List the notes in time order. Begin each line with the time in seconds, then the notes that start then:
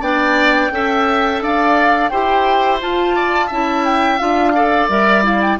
0.00 B3 D4 D5 G5
0.71 C#4 A4 E5
1.41 D4 D5 F5
2.08 E4 G4 C5 G5
2.80 F4 A5
3.16 D5
3.47 C#4 E4 E5
3.85 G5
4.18 D4 F4 F5
4.55 A4 D5
4.88 G3 A#4 E5
5.23 E4 F5
5.42 G5